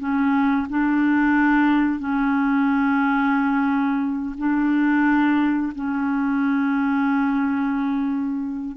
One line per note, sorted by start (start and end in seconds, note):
0.00 0.67 C#4
0.70 2.00 D4
2.00 4.36 C#4
4.39 5.73 D4
5.76 8.77 C#4